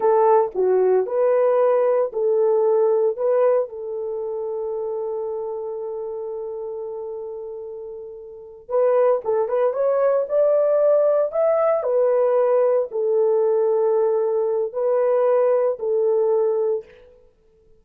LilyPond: \new Staff \with { instrumentName = "horn" } { \time 4/4 \tempo 4 = 114 a'4 fis'4 b'2 | a'2 b'4 a'4~ | a'1~ | a'1~ |
a'8 b'4 a'8 b'8 cis''4 d''8~ | d''4. e''4 b'4.~ | b'8 a'2.~ a'8 | b'2 a'2 | }